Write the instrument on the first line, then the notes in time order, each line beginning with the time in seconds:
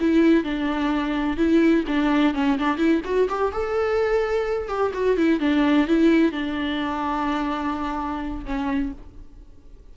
viola
0.00 E4
0.43 D4
1.37 E4
1.87 D4
2.34 C#4
2.58 D4
2.77 E4
3.04 F#4
3.29 G4
3.52 A4
4.68 G4
4.93 F#4
5.16 E4
5.40 D4
5.87 E4
6.32 D4
8.45 C#4